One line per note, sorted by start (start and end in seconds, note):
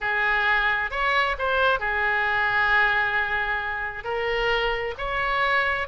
0.00 0.90 G#4
0.90 1.36 C#5
1.38 1.79 C5
1.79 4.04 G#4
4.04 4.94 A#4
4.97 5.87 C#5